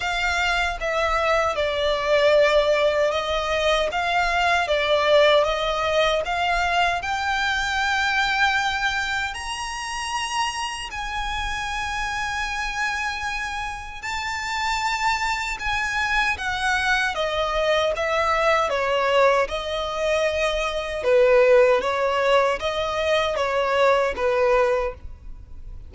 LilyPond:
\new Staff \with { instrumentName = "violin" } { \time 4/4 \tempo 4 = 77 f''4 e''4 d''2 | dis''4 f''4 d''4 dis''4 | f''4 g''2. | ais''2 gis''2~ |
gis''2 a''2 | gis''4 fis''4 dis''4 e''4 | cis''4 dis''2 b'4 | cis''4 dis''4 cis''4 b'4 | }